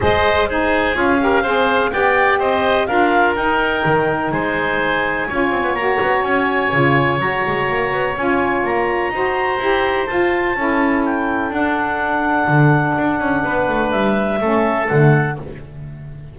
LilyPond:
<<
  \new Staff \with { instrumentName = "clarinet" } { \time 4/4 \tempo 4 = 125 dis''4 c''4 f''2 | g''4 dis''4 f''4 g''4~ | g''4 gis''2. | ais''4 gis''2 ais''4~ |
ais''4 gis''4 ais''2~ | ais''4 a''2 g''4 | fis''1~ | fis''4 e''2 fis''4 | }
  \new Staff \with { instrumentName = "oboe" } { \time 4/4 c''4 gis'4. ais'8 c''4 | d''4 c''4 ais'2~ | ais'4 c''2 cis''4~ | cis''1~ |
cis''2. c''4~ | c''2 a'2~ | a'1 | b'2 a'2 | }
  \new Staff \with { instrumentName = "saxophone" } { \time 4/4 gis'4 dis'4 f'8 g'8 gis'4 | g'2 f'4 dis'4~ | dis'2. f'4 | fis'2 f'4 fis'4~ |
fis'4 f'2 fis'4 | g'4 f'4 e'2 | d'1~ | d'2 cis'4 a4 | }
  \new Staff \with { instrumentName = "double bass" } { \time 4/4 gis2 cis'4 c'4 | b4 c'4 d'4 dis'4 | dis4 gis2 cis'8 c'16 b16 | ais8 b8 cis'4 cis4 fis8 gis8 |
ais8 b8 cis'4 ais4 dis'4 | e'4 f'4 cis'2 | d'2 d4 d'8 cis'8 | b8 a8 g4 a4 d4 | }
>>